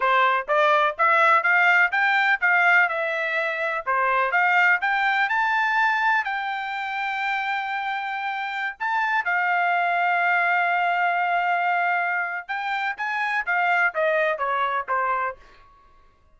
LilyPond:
\new Staff \with { instrumentName = "trumpet" } { \time 4/4 \tempo 4 = 125 c''4 d''4 e''4 f''4 | g''4 f''4 e''2 | c''4 f''4 g''4 a''4~ | a''4 g''2.~ |
g''2~ g''16 a''4 f''8.~ | f''1~ | f''2 g''4 gis''4 | f''4 dis''4 cis''4 c''4 | }